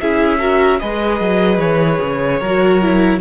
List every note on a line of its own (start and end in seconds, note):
0.00 0.81 C#4
0.00 0.39 E4
0.00 0.39 G#4
0.00 0.79 E5
0.39 0.79 F#4
0.39 0.79 A#4
0.79 1.20 G#3
0.79 2.40 G#4
0.79 2.39 B4
0.79 1.59 D#5
1.20 1.58 F#3
1.58 1.98 E3
1.58 3.19 C#5
2.01 2.40 C#3
2.39 3.20 F#3
2.39 3.19 A#4
2.45 2.82 F#4
2.82 3.20 E4